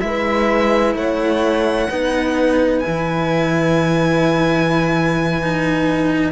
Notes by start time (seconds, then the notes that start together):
0.00 G#3 E4 B4 E5
0.95 A3 C#5 F#5
1.90 B3 D#4 B4
2.80 E4 G#5
2.87 E3
5.42 D#4